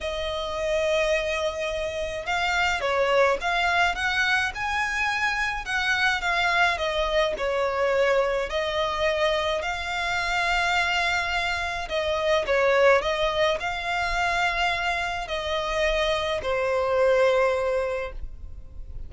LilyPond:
\new Staff \with { instrumentName = "violin" } { \time 4/4 \tempo 4 = 106 dis''1 | f''4 cis''4 f''4 fis''4 | gis''2 fis''4 f''4 | dis''4 cis''2 dis''4~ |
dis''4 f''2.~ | f''4 dis''4 cis''4 dis''4 | f''2. dis''4~ | dis''4 c''2. | }